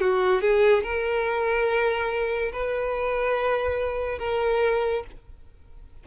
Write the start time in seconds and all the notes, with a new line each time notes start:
0.00 F#4
0.41 G#4
0.83 A#4
2.52 B4
4.19 A#4